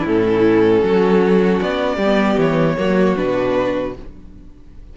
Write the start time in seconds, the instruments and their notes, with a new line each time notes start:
0.00 cello A2, violin E4
0.06 viola C#4, violin A4
0.82 cello F#3, violin F#4
1.61 cello B3, violin D5
1.96 cello G3, violin G4
2.04 viola B3
2.37 cello E3, violin C#5
2.78 cello F#3, viola A#3, violin F#4
3.16 cello B2, viola D4, violin B4